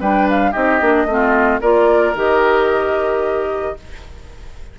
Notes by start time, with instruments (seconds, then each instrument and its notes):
0.00 bassoon G3, clarinet D4, oboe B4, flute G5
0.29 flute F5
0.51 bassoon C4, clarinet D#4, oboe G4, flute D#5
0.80 bassoon A#3, clarinet D4
1.05 bassoon A3, clarinet C4
1.12 oboe F4
1.60 bassoon A#3, clarinet F4, oboe A#4, flute D5
2.14 bassoon D#3, clarinet G4, flute D#5